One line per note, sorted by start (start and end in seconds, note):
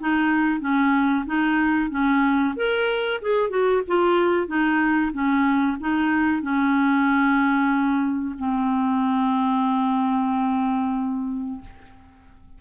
0.00 0.60 D#4
0.60 1.25 C#4
1.26 1.90 D#4
1.90 2.54 C#4
2.56 3.21 A#4
3.22 3.50 G#4
3.50 3.82 F#4
3.88 4.47 F4
4.47 5.12 D#4
5.13 5.77 C#4
5.80 6.42 D#4
6.42 8.35 C#4
8.38 11.61 C4